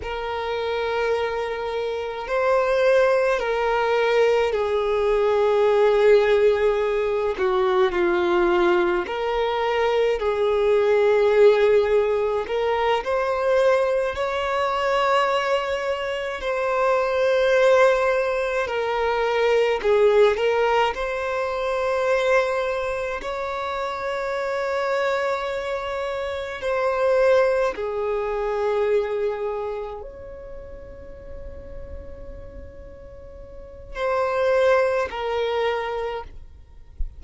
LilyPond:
\new Staff \with { instrumentName = "violin" } { \time 4/4 \tempo 4 = 53 ais'2 c''4 ais'4 | gis'2~ gis'8 fis'8 f'4 | ais'4 gis'2 ais'8 c''8~ | c''8 cis''2 c''4.~ |
c''8 ais'4 gis'8 ais'8 c''4.~ | c''8 cis''2. c''8~ | c''8 gis'2 cis''4.~ | cis''2 c''4 ais'4 | }